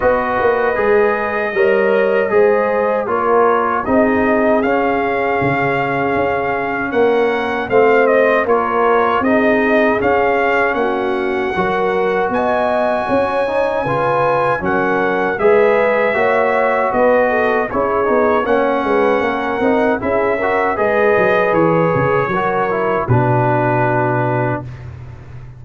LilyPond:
<<
  \new Staff \with { instrumentName = "trumpet" } { \time 4/4 \tempo 4 = 78 dis''1 | cis''4 dis''4 f''2~ | f''4 fis''4 f''8 dis''8 cis''4 | dis''4 f''4 fis''2 |
gis''2. fis''4 | e''2 dis''4 cis''4 | fis''2 e''4 dis''4 | cis''2 b'2 | }
  \new Staff \with { instrumentName = "horn" } { \time 4/4 b'2 cis''4 c''4 | ais'4 gis'2.~ | gis'4 ais'4 c''4 ais'4 | gis'2 fis'4 ais'4 |
dis''4 cis''4 b'4 ais'4 | b'4 cis''4 b'8 a'8 gis'4 | cis''8 b'8 ais'4 gis'8 ais'8 b'4~ | b'4 ais'4 fis'2 | }
  \new Staff \with { instrumentName = "trombone" } { \time 4/4 fis'4 gis'4 ais'4 gis'4 | f'4 dis'4 cis'2~ | cis'2 c'4 f'4 | dis'4 cis'2 fis'4~ |
fis'4. dis'8 f'4 cis'4 | gis'4 fis'2 e'8 dis'8 | cis'4. dis'8 e'8 fis'8 gis'4~ | gis'4 fis'8 e'8 d'2 | }
  \new Staff \with { instrumentName = "tuba" } { \time 4/4 b8 ais8 gis4 g4 gis4 | ais4 c'4 cis'4 cis4 | cis'4 ais4 a4 ais4 | c'4 cis'4 ais4 fis4 |
b4 cis'4 cis4 fis4 | gis4 ais4 b4 cis'8 b8 | ais8 gis8 ais8 c'8 cis'4 gis8 fis8 | e8 cis8 fis4 b,2 | }
>>